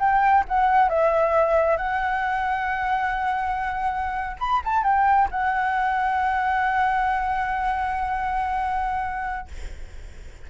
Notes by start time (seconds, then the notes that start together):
0.00 G5
0.48 F#5
0.89 E5
1.77 F#5
4.40 B5
4.65 A5
4.84 G5
5.31 F#5